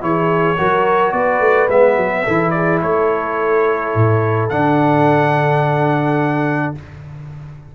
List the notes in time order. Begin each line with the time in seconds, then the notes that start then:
0.00 E3 E4 G#4 C#5
0.57 F#3 F#4 A#4
1.12 B3 B4 D5
1.40 A3
1.68 G#3 B3 E5
1.97 F#3
2.24 E3 E4 A4
2.50 G#4 D5
2.82 A3 A4 C#5
3.94 A2
4.49 D3 D4 F#5